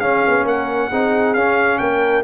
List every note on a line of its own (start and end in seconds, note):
0.00 0.23 C#4
0.00 0.91 C#4
0.00 0.46 G#4
0.00 0.45 F5
0.28 0.45 B3
0.45 0.89 A#3
0.45 0.89 A#4
0.45 1.34 F#5
0.89 1.35 C4
0.89 1.37 D#4
0.89 1.79 G#4
1.34 1.80 C#4
1.34 2.24 C#4
1.34 1.78 F5
1.78 2.24 A#3
1.78 2.24 A#4
1.78 2.23 G5